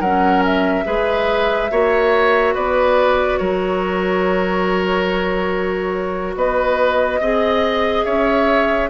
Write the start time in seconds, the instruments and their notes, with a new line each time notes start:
0.00 bassoon F#3, clarinet C#4, oboe A#4, flute F#5
0.45 flute E5
0.85 bassoon G#3, clarinet G#4, oboe B4
1.71 bassoon A#3, clarinet F#4, oboe C#5
2.55 bassoon B3, oboe B4, flute D5
3.38 bassoon F#3, oboe A#4, flute C#5
6.36 bassoon B3, oboe B4, flute D#5
7.20 bassoon C4, clarinet G#4, oboe D#5
8.05 bassoon C#4, oboe C#5, flute E5